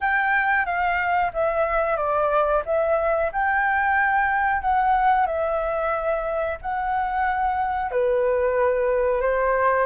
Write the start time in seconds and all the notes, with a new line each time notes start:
0.01 G5
0.65 F5
1.33 E5
1.97 D5
2.65 E5
3.32 G5
4.61 F#5
5.26 E5
6.61 F#5
7.91 B4
9.21 C5